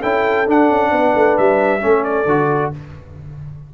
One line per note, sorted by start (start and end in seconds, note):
0.00 0.48 C#4
0.00 0.47 E4
0.00 0.90 A4
0.00 0.48 G5
0.47 1.81 D4
0.47 0.70 D4
0.47 1.38 F#5
0.70 0.92 C#4
0.92 1.14 B3
0.92 1.82 B4
1.15 1.38 A3
1.38 1.84 G3
1.38 2.04 E5
1.81 2.26 A3
1.81 2.26 C#4
1.81 2.74 A4
2.04 2.72 D5
2.26 2.71 D3
2.26 2.73 F#4